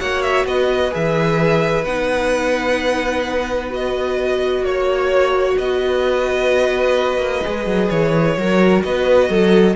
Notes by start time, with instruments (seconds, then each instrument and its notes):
0.00 cello A#3, viola F#4, violin C#5 F#5
0.22 violin E5
0.46 cello B3, violin B4 D#5
0.91 cello E3, viola G#4, violin E5
1.85 cello B3, viola D#4, violin F#5
3.70 viola F#4, violin D#5
4.62 cello A#3, violin C#5
5.58 cello B3, violin B4 D#5
7.18 cello A#3
7.44 cello G#3, viola G#4
7.66 cello F#3
7.90 cello E3, violin C#5
8.37 cello F#3, viola F#4, violin A#4
8.83 cello B3, violin B4 D#5
9.29 cello F#3, violin A4